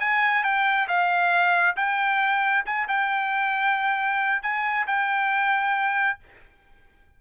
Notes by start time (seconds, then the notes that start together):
0.00 G#5
0.44 G5
0.88 F5
1.76 G5
2.66 G#5
2.88 G5
4.42 G#5
4.87 G5